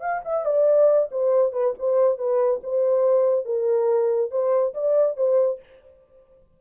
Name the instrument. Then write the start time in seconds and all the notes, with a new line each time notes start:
horn
0.00 F5
0.25 E5
0.45 D5
1.11 C5
1.52 B4
1.78 C5
2.18 B4
2.63 C5
3.45 A#4
4.31 C5
4.74 D5
5.16 C5